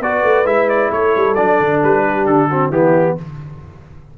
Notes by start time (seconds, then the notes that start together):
0.00 B3 F#4 B4 D5
0.23 A3
0.45 G#3 E4 E5
0.69 D5
0.91 A3 A4 C#5
1.16 G3
1.35 F#3 D4 D5
1.60 D3
1.83 G3 B4
2.05 G4
2.26 D3 A4
2.49 C4 F#4
2.70 E3 B3 E4 G4